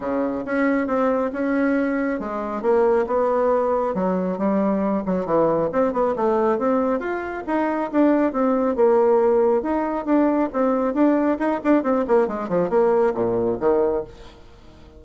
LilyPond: \new Staff \with { instrumentName = "bassoon" } { \time 4/4 \tempo 4 = 137 cis4 cis'4 c'4 cis'4~ | cis'4 gis4 ais4 b4~ | b4 fis4 g4. fis8 | e4 c'8 b8 a4 c'4 |
f'4 dis'4 d'4 c'4 | ais2 dis'4 d'4 | c'4 d'4 dis'8 d'8 c'8 ais8 | gis8 f8 ais4 ais,4 dis4 | }